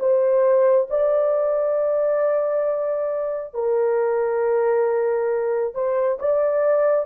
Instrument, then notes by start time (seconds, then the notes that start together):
horn
0.00 C5
0.91 D5
3.55 A#4
5.75 C5
6.20 D5